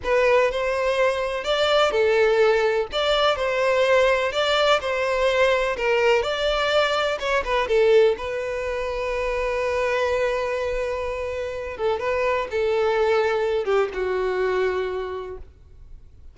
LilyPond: \new Staff \with { instrumentName = "violin" } { \time 4/4 \tempo 4 = 125 b'4 c''2 d''4 | a'2 d''4 c''4~ | c''4 d''4 c''2 | ais'4 d''2 cis''8 b'8 |
a'4 b'2.~ | b'1~ | b'8 a'8 b'4 a'2~ | a'8 g'8 fis'2. | }